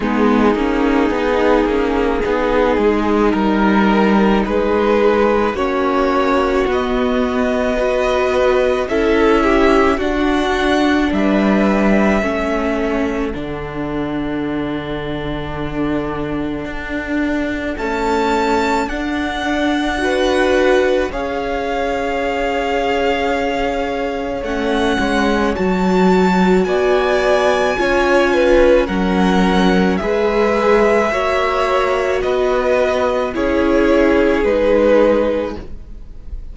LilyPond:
<<
  \new Staff \with { instrumentName = "violin" } { \time 4/4 \tempo 4 = 54 gis'2. ais'4 | b'4 cis''4 dis''2 | e''4 fis''4 e''2 | fis''1 |
a''4 fis''2 f''4~ | f''2 fis''4 a''4 | gis''2 fis''4 e''4~ | e''4 dis''4 cis''4 b'4 | }
  \new Staff \with { instrumentName = "violin" } { \time 4/4 dis'2 gis'4 ais'4 | gis'4 fis'2 b'4 | a'8 g'8 fis'4 b'4 a'4~ | a'1~ |
a'2 b'4 cis''4~ | cis''1 | d''4 cis''8 b'8 ais'4 b'4 | cis''4 b'4 gis'2 | }
  \new Staff \with { instrumentName = "viola" } { \time 4/4 b8 cis'8 dis'8 cis'8 dis'2~ | dis'4 cis'4 b4 fis'4 | e'4 d'2 cis'4 | d'1 |
a4 d'4 fis'4 gis'4~ | gis'2 cis'4 fis'4~ | fis'4 f'4 cis'4 gis'4 | fis'2 e'4 dis'4 | }
  \new Staff \with { instrumentName = "cello" } { \time 4/4 gis8 ais8 b8 ais8 b8 gis8 g4 | gis4 ais4 b2 | cis'4 d'4 g4 a4 | d2. d'4 |
cis'4 d'2 cis'4~ | cis'2 a8 gis8 fis4 | b4 cis'4 fis4 gis4 | ais4 b4 cis'4 gis4 | }
>>